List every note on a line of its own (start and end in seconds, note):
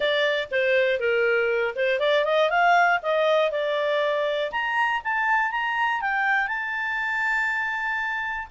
0.00 0.48 D5
0.51 0.99 C5
0.99 1.74 A#4
1.75 1.99 C5
1.99 2.24 D5
2.25 2.50 D#5
2.50 3.00 F5
3.02 3.51 D#5
3.51 4.51 D5
4.51 5.01 A#5
5.04 5.51 A5
5.51 6.01 A#5
6.01 6.47 G5
6.47 8.47 A5